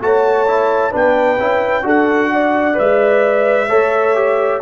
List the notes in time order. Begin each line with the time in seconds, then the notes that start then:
0.00 A3 F#4 C#5 A5
0.47 E4
0.91 B3 D4 B4 G5
1.38 C#4 E4
1.82 D4 F#4 A4 F#5
2.32 D5
2.73 G#3 B4 E5
3.68 A3 A4 C#5
4.14 G4